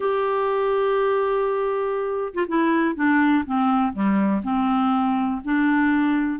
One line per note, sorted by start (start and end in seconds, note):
0.00 2.33 G4
2.34 2.46 F4
2.47 2.95 E4
2.95 3.44 D4
3.45 3.93 C4
3.93 4.42 G3
4.43 5.41 C4
5.44 6.39 D4